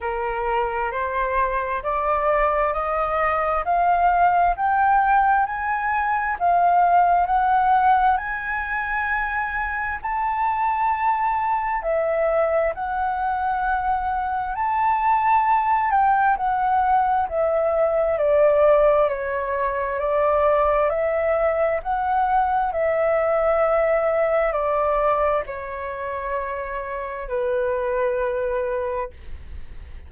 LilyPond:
\new Staff \with { instrumentName = "flute" } { \time 4/4 \tempo 4 = 66 ais'4 c''4 d''4 dis''4 | f''4 g''4 gis''4 f''4 | fis''4 gis''2 a''4~ | a''4 e''4 fis''2 |
a''4. g''8 fis''4 e''4 | d''4 cis''4 d''4 e''4 | fis''4 e''2 d''4 | cis''2 b'2 | }